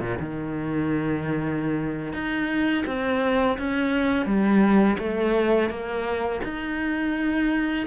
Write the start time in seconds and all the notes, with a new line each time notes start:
0.00 A#2
0.20 D#3
2.13 D#4
2.86 C4
3.58 C#4
4.26 G3
4.98 A3
5.69 A#3
6.44 D#4